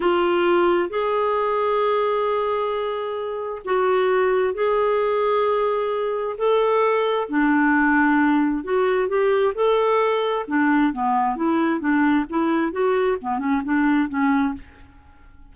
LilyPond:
\new Staff \with { instrumentName = "clarinet" } { \time 4/4 \tempo 4 = 132 f'2 gis'2~ | gis'1 | fis'2 gis'2~ | gis'2 a'2 |
d'2. fis'4 | g'4 a'2 d'4 | b4 e'4 d'4 e'4 | fis'4 b8 cis'8 d'4 cis'4 | }